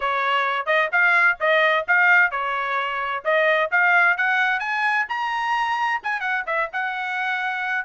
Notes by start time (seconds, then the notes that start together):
0.00 C#5
0.66 D#5
0.91 F5
1.40 D#5
1.87 F5
2.31 C#5
3.24 D#5
3.71 F5
4.17 F#5
4.59 G#5
5.09 A#5
6.03 G#5
6.20 F#5
6.46 E5
6.72 F#5